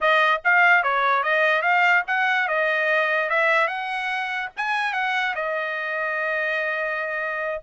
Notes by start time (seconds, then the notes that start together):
0.00 D#5
0.44 F5
0.83 C#5
1.23 D#5
1.62 F5
2.07 F#5
2.48 D#5
3.29 E5
3.67 F#5
4.56 G#5
4.93 F#5
5.35 D#5